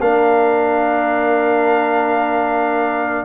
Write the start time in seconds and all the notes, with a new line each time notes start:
0.00 A#3 D4 A#4 F5